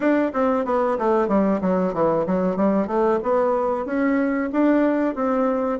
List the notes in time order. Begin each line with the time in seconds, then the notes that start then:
0.00 D4
0.33 C4
0.65 B3
0.98 A3
1.28 G3
1.61 F#3
1.93 E3
2.26 F#3
2.56 G3
2.87 A3
3.22 B3
3.85 C#4
4.52 D4
5.15 C4